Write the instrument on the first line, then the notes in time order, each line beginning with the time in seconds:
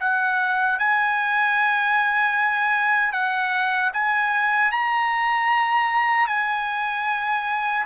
trumpet
0.00 F#5
0.79 G#5
3.13 F#5
3.93 G#5
4.72 A#5
6.27 G#5